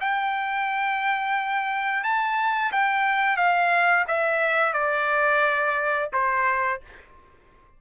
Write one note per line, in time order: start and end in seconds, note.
0.00 2.03 G5
2.03 2.71 A5
2.71 3.37 G5
3.37 4.05 F5
4.08 4.73 E5
4.73 6.09 D5
6.12 6.81 C5